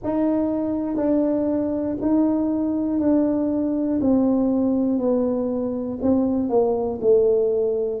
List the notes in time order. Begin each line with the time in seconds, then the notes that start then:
0.03 D#4
0.96 D4
2.01 D#4
3.00 D4
4.00 C4
4.99 B3
6.01 C4
6.49 A#3
7.00 A3